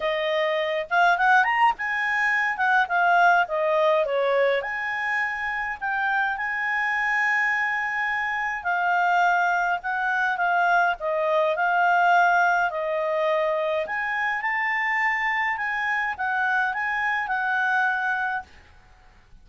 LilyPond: \new Staff \with { instrumentName = "clarinet" } { \time 4/4 \tempo 4 = 104 dis''4. f''8 fis''8 ais''8 gis''4~ | gis''8 fis''8 f''4 dis''4 cis''4 | gis''2 g''4 gis''4~ | gis''2. f''4~ |
f''4 fis''4 f''4 dis''4 | f''2 dis''2 | gis''4 a''2 gis''4 | fis''4 gis''4 fis''2 | }